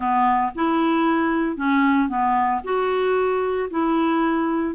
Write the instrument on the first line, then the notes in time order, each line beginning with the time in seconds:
clarinet
0.00 B3
0.55 E4
1.56 C#4
2.08 B3
2.64 F#4
3.70 E4